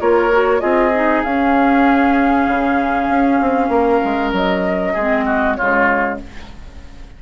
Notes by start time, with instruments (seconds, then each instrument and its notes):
0.00 bassoon A#3, clarinet F4, oboe A#4, flute C#5
0.32 clarinet F#4
0.60 bassoon C4, clarinet F4, oboe G#4, flute D#5
0.95 clarinet D#4
1.23 bassoon C#4, clarinet C#4, flute F5
2.48 bassoon C#3
3.09 bassoon C#4
3.41 bassoon C4
3.69 bassoon A#3, oboe A#4
4.05 bassoon G#3
4.33 bassoon F#3, flute D#5
4.94 bassoon G#3, clarinet C4, oboe G#4
5.26 oboe F#4
5.55 bassoon C#3, clarinet G#3, oboe F4, flute C#5